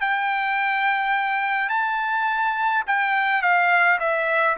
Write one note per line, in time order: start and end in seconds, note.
0.00 1.69 G5
1.69 2.83 A5
2.86 3.42 G5
3.42 3.99 F5
3.99 4.57 E5